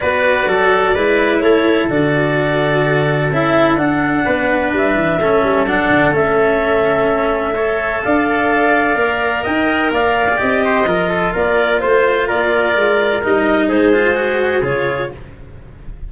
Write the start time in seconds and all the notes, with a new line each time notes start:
0.00 B3 F#4 B4 D5
0.46 F#3 A4
0.94 G#3 E4 B4
1.39 A3 A4 C#5
1.89 D3 F#4 D5
3.30 C#4 E4 E5
3.76 D4 F#5
4.25 B3 B4
4.72 G3 E5
4.94 E3
5.18 A3 C#4 A4
5.43 G3
5.66 F#3 D4 F#5
5.90 D3
6.12 A3 C#4 E5
7.54 A4 C#5
8.03 D4 D5 F5
8.95 A#3 A#4
9.43 D#4 D#5 G5
9.91 A#3 D5 F5
10.29 G#4
10.37 C4 G4 D#5
10.65 C5
10.85 F3 F4 A#4
11.09 A4
11.32 A#3 A#4 D5
11.79 A3 C5
12.27 A#3 A#4 D5
12.76 G#3
13.23 G3 D#4 D#5
13.68 G#3 G#4 C5
13.93 F4
14.15 F#4
14.61 C#3 F4 C#5